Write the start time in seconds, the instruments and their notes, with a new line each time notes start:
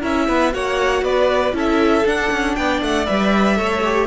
0.00 cello C#4, viola E4, violin A#4 E5
0.28 cello B3, violin B4
0.52 cello A#3, viola F#4, violin C#5 F#5
1.02 cello B3, violin B4 D5
1.53 cello C#4, viola E4, violin A4
1.59 violin E5
2.06 cello D4, viola D4, violin F#5
2.32 cello C#4
2.56 cello B3, violin D5 G5
2.82 cello A3, violin F#5
3.06 cello G3, viola B4, violin E5
3.56 cello A3, viola A4, violin C#5
3.85 viola G4